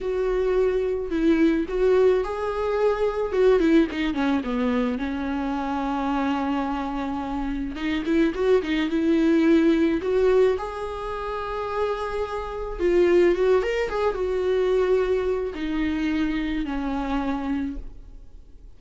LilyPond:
\new Staff \with { instrumentName = "viola" } { \time 4/4 \tempo 4 = 108 fis'2 e'4 fis'4 | gis'2 fis'8 e'8 dis'8 cis'8 | b4 cis'2.~ | cis'2 dis'8 e'8 fis'8 dis'8 |
e'2 fis'4 gis'4~ | gis'2. f'4 | fis'8 ais'8 gis'8 fis'2~ fis'8 | dis'2 cis'2 | }